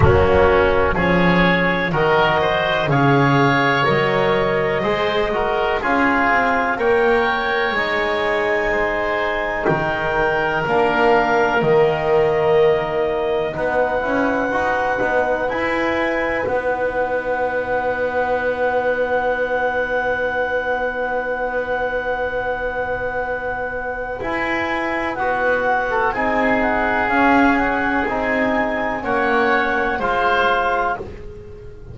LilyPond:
<<
  \new Staff \with { instrumentName = "clarinet" } { \time 4/4 \tempo 4 = 62 fis'4 cis''4 dis''4 f''4 | dis''2 f''4 g''4 | gis''2 g''4 f''4 | dis''2 fis''2 |
gis''4 fis''2.~ | fis''1~ | fis''4 gis''4 fis''4 gis''8 fis''8 | f''8 fis''8 gis''4 fis''4 f''4 | }
  \new Staff \with { instrumentName = "oboe" } { \time 4/4 cis'4 gis'4 ais'8 c''8 cis''4~ | cis''4 c''8 ais'8 gis'4 cis''4~ | cis''4 c''4 ais'2~ | ais'2 b'2~ |
b'1~ | b'1~ | b'2~ b'8. a'16 gis'4~ | gis'2 cis''4 c''4 | }
  \new Staff \with { instrumentName = "trombone" } { \time 4/4 ais4 cis'4 fis'4 gis'4 | ais'4 gis'8 fis'8 f'4 ais'4 | dis'2. d'4 | ais2 dis'8 e'8 fis'8 dis'8 |
e'4 dis'2.~ | dis'1~ | dis'4 e'4 fis'4 dis'4 | cis'4 dis'4 cis'4 f'4 | }
  \new Staff \with { instrumentName = "double bass" } { \time 4/4 fis4 f4 dis4 cis4 | fis4 gis4 cis'8 c'8 ais4 | gis2 dis4 ais4 | dis2 b8 cis'8 dis'8 b8 |
e'4 b2.~ | b1~ | b4 e'4 b4 c'4 | cis'4 c'4 ais4 gis4 | }
>>